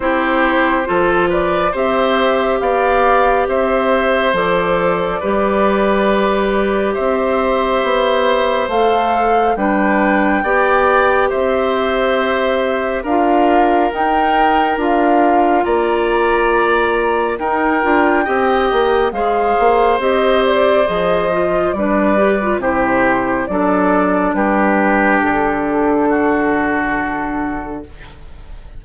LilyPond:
<<
  \new Staff \with { instrumentName = "flute" } { \time 4/4 \tempo 4 = 69 c''4. d''8 e''4 f''4 | e''4 d''2. | e''2 f''4 g''4~ | g''4 e''2 f''4 |
g''4 f''4 ais''2 | g''2 f''4 dis''8 d''8 | dis''4 d''4 c''4 d''4 | b'4 a'2. | }
  \new Staff \with { instrumentName = "oboe" } { \time 4/4 g'4 a'8 b'8 c''4 d''4 | c''2 b'2 | c''2. b'4 | d''4 c''2 ais'4~ |
ais'2 d''2 | ais'4 dis''4 c''2~ | c''4 b'4 g'4 a'4 | g'2 fis'2 | }
  \new Staff \with { instrumentName = "clarinet" } { \time 4/4 e'4 f'4 g'2~ | g'4 a'4 g'2~ | g'2 a'4 d'4 | g'2. f'4 |
dis'4 f'2. | dis'8 f'8 g'4 gis'4 g'4 | gis'8 f'8 d'8 g'16 f'16 e'4 d'4~ | d'1 | }
  \new Staff \with { instrumentName = "bassoon" } { \time 4/4 c'4 f4 c'4 b4 | c'4 f4 g2 | c'4 b4 a4 g4 | b4 c'2 d'4 |
dis'4 d'4 ais2 | dis'8 d'8 c'8 ais8 gis8 ais8 c'4 | f4 g4 c4 fis4 | g4 d2. | }
>>